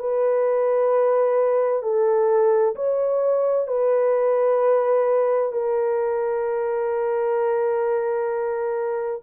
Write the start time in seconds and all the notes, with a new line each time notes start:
0.00 B4
1.83 A4
2.76 C#5
3.68 B4
5.53 A#4